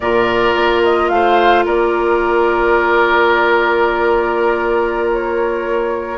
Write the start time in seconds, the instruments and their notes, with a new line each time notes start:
0.00 bassoon A#2, clarinet F4, oboe A#4, flute D5
0.55 bassoon A#3
0.83 flute D#5
1.08 bassoon A3, oboe C5, flute F5
1.65 bassoon A#3, oboe A#4, flute D5
5.11 flute C#5